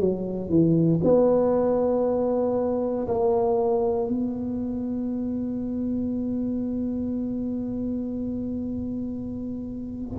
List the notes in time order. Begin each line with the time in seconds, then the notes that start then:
0.00 F#3
0.49 E3
1.04 B3
3.08 A#3
4.08 B3